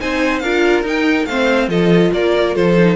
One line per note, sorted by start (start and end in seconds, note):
0.00 0.43 C4
0.00 0.43 D#4
0.00 0.43 C5
0.00 0.40 G#5
0.40 0.83 D4
0.40 0.86 F4
0.40 1.28 A#4
0.40 0.82 F5
0.83 1.26 D#4
0.83 1.28 D#4
0.83 1.26 G5
1.26 1.68 A3
1.26 1.71 C4
1.26 1.70 C5
1.26 1.69 F5
1.68 2.11 F3
1.68 2.77 F4
1.68 2.12 A4
1.68 2.13 D#5
2.14 2.56 A#3
2.14 2.56 A#4
2.14 2.56 D5
2.56 2.97 F3
2.56 2.97 A4
2.56 2.97 C5
2.78 2.97 D#4